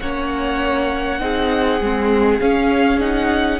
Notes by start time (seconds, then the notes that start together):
0.00 A#3 C#4 C#5 F#5
1.19 C4 D#4 G#4
1.80 G#3 C4
2.40 C#4 F5
3.00 D#4 F#5